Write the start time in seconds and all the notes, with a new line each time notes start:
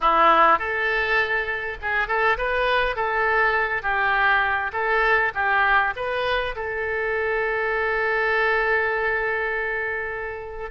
0.00 E4
0.59 A4
1.81 G#4
2.07 A4
2.37 B4
2.95 A4
3.82 G4
4.73 A4
5.34 G4
5.95 B4
6.55 A4